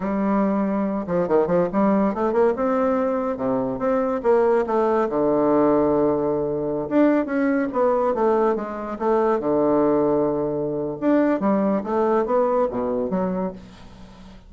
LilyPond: \new Staff \with { instrumentName = "bassoon" } { \time 4/4 \tempo 4 = 142 g2~ g8 f8 dis8 f8 | g4 a8 ais8 c'2 | c4 c'4 ais4 a4 | d1~ |
d16 d'4 cis'4 b4 a8.~ | a16 gis4 a4 d4.~ d16~ | d2 d'4 g4 | a4 b4 b,4 fis4 | }